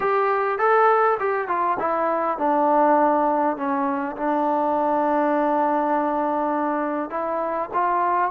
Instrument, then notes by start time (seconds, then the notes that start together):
trombone
0.00 G4
0.58 A4
1.19 G4
1.47 F4
1.79 E4
2.38 D4
3.56 C#4
4.16 D4
7.10 E4
7.73 F4